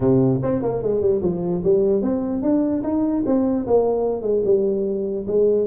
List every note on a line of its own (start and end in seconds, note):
0.00 0.40 C3
0.42 0.62 C4
0.62 0.82 A#3
0.82 1.01 G#3
1.01 1.21 G3
1.22 1.62 F3
1.64 2.02 G3
2.02 2.42 C4
2.42 2.82 D4
2.83 3.23 D#4
3.26 3.66 C4
3.66 4.22 A#3
4.22 4.42 G#3
4.44 5.26 G3
5.27 5.67 G#3